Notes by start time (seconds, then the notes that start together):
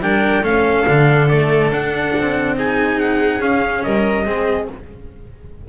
0.00 G3 D4 A#4 G5
0.43 A3 C#4 A4 F5
0.88 D3 D4
1.29 A3 D5
1.70 D4 F#5
2.17 C4
2.56 D#4 G#4 G#5
3.00 F#5
3.40 C#4 F5
3.84 G3 A#4 D#5
4.26 G#3 C4 G#4